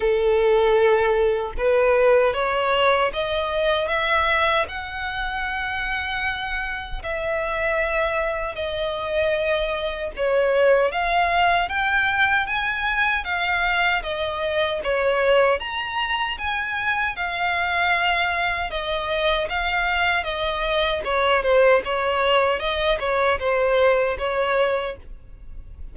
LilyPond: \new Staff \with { instrumentName = "violin" } { \time 4/4 \tempo 4 = 77 a'2 b'4 cis''4 | dis''4 e''4 fis''2~ | fis''4 e''2 dis''4~ | dis''4 cis''4 f''4 g''4 |
gis''4 f''4 dis''4 cis''4 | ais''4 gis''4 f''2 | dis''4 f''4 dis''4 cis''8 c''8 | cis''4 dis''8 cis''8 c''4 cis''4 | }